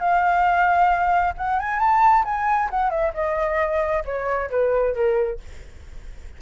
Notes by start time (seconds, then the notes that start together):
0.00 F5
1.38 F#5
1.60 G#5
1.80 A5
2.25 G#5
2.71 F#5
2.91 E5
3.14 D#5
4.05 C#5
4.51 B4
4.95 A#4